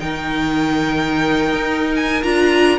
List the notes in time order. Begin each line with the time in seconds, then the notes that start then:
0.00 D#3 D#4 A#4 G5
1.53 D#4
1.96 G#5
2.23 D4 F4 A#5